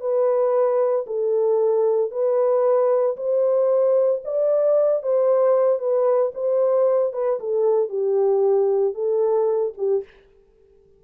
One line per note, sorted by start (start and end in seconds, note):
0.00 1.05 B4
1.07 2.11 A4
2.11 3.16 B4
3.16 4.22 C5
4.25 5.03 D5
5.03 5.79 C5
5.79 6.32 B4
6.34 7.13 C5
7.13 7.39 B4
7.39 7.89 A4
7.89 8.94 G4
8.94 9.73 A4
9.77 10.04 G4